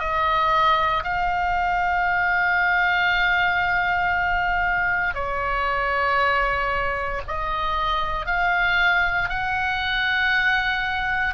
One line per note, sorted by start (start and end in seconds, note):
0.00 1.03 D#5
1.04 5.15 F5
5.15 7.22 C#5
7.28 8.26 D#5
8.26 9.30 F5
9.30 11.35 F#5